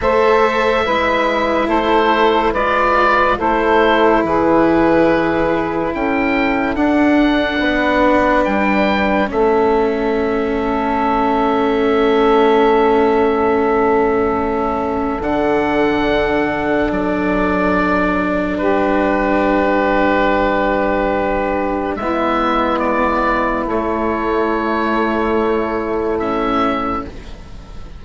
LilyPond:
<<
  \new Staff \with { instrumentName = "oboe" } { \time 4/4 \tempo 4 = 71 e''2 c''4 d''4 | c''4 b'2 g''4 | fis''2 g''4 e''4~ | e''1~ |
e''2 fis''2 | d''2 b'2~ | b'2 e''4 d''4 | cis''2. e''4 | }
  \new Staff \with { instrumentName = "saxophone" } { \time 4/4 c''4 b'4 a'4 b'4 | a'4 gis'2 a'4~ | a'4 b'2 a'4~ | a'1~ |
a'1~ | a'2 g'2~ | g'2 e'2~ | e'1 | }
  \new Staff \with { instrumentName = "cello" } { \time 4/4 a'4 e'2 f'4 | e'1 | d'2. cis'4~ | cis'1~ |
cis'2 d'2~ | d'1~ | d'2 b2 | a2. cis'4 | }
  \new Staff \with { instrumentName = "bassoon" } { \time 4/4 a4 gis4 a4 gis4 | a4 e2 cis'4 | d'4 b4 g4 a4~ | a1~ |
a2 d2 | fis2 g2~ | g2 gis2 | a1 | }
>>